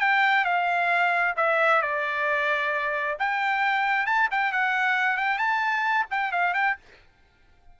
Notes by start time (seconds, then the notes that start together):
0.00 G5
0.44 F5
1.36 E5
1.81 D5
3.19 G5
4.06 A5
4.31 G5
4.52 F#5
5.17 G5
5.38 A5
6.10 G5
6.32 F5
6.54 G5